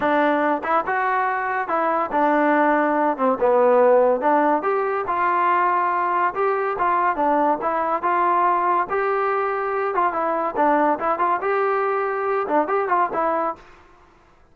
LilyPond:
\new Staff \with { instrumentName = "trombone" } { \time 4/4 \tempo 4 = 142 d'4. e'8 fis'2 | e'4 d'2~ d'8 c'8 | b2 d'4 g'4 | f'2. g'4 |
f'4 d'4 e'4 f'4~ | f'4 g'2~ g'8 f'8 | e'4 d'4 e'8 f'8 g'4~ | g'4. d'8 g'8 f'8 e'4 | }